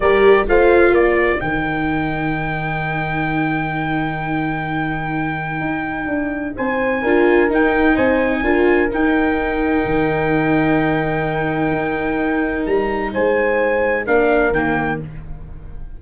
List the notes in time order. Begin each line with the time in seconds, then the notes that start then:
0.00 G3 G4 A#4 D5
0.47 A3 F4 C5 F5
0.91 A#3 A#4 D5
1.40 D#3 D#4 G5
5.60 D#4
6.06 D4
6.56 C4 C5 G#5
7.02 D4 F4 A#4
7.50 D#4 G5
7.95 C4 C5 G#5
8.42 D4 F4 A#4
8.90 D#4 G5
9.85 D#3
11.71 D#4
12.66 G3 A#5
13.12 G#3 C5 G#5
14.06 A#3 D4 A#4 F5
14.50 D#3 A#3 G5